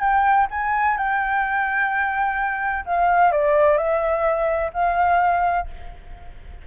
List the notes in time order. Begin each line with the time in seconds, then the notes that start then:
0.00 G5
0.51 G#5
0.97 G5
2.85 F5
3.32 D5
3.77 E5
4.73 F5